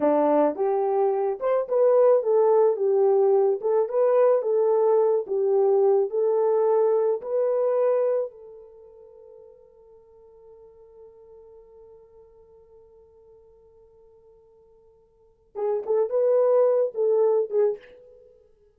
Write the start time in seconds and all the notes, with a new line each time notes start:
0.00 D4
0.55 G4
1.40 C5
1.68 B4
2.22 A4
2.76 G4
3.61 A4
3.88 B4
4.42 A4
5.26 G4
6.10 A4
7.21 B4
8.30 A4
15.55 G#4
15.86 A4
16.09 B4
16.94 A4
17.50 G#4